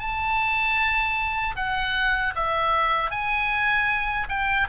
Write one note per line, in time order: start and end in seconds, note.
0.00 1.56 A5
1.56 2.34 F#5
2.36 3.11 E5
3.11 4.28 G#5
4.29 4.68 G5